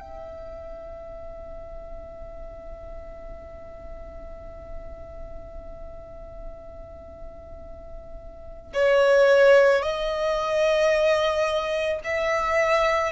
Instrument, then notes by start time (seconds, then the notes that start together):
violin
0.00 E5
8.74 C#5
9.82 D#5
12.04 E5